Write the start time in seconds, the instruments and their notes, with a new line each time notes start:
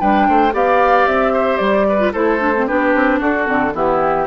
0.00 bassoon G3, clarinet D4, oboe B4, flute G5
0.28 bassoon A3, oboe C5
0.52 bassoon B3, clarinet G4, oboe D5, flute F5
1.07 bassoon C4, flute E5
1.33 oboe C5
1.57 bassoon G3, flute D5
1.89 oboe B4
1.99 clarinet F4
2.12 bassoon A3, clarinet E4, oboe A4, flute C5
2.39 clarinet D4
2.56 clarinet C4
2.67 bassoon B3, clarinet D4, oboe G4, flute B4
2.95 bassoon C4
3.20 bassoon D4, oboe F#4, flute A4
3.44 bassoon D3, clarinet C4
3.74 bassoon E3, clarinet B3, oboe E4, flute G4